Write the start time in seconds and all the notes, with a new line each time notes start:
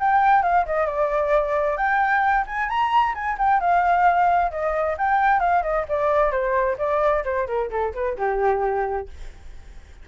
0.00 G5
0.43 F5
0.66 D#5
0.87 D5
1.77 G5
2.47 G#5
2.69 A#5
3.15 G#5
3.39 G5
3.61 F5
4.51 D#5
4.99 G5
5.40 F5
5.63 D#5
5.89 D5
6.32 C5
6.79 D5
7.25 C5
7.48 A#4
7.71 A4
7.95 B4
8.18 G4